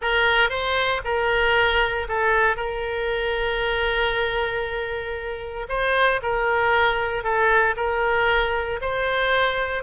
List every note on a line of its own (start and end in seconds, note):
0.01 0.49 A#4
0.49 1.01 C5
1.04 2.07 A#4
2.08 2.56 A4
2.56 5.66 A#4
5.68 6.20 C5
6.22 7.23 A#4
7.23 7.75 A4
7.76 8.80 A#4
8.81 9.83 C5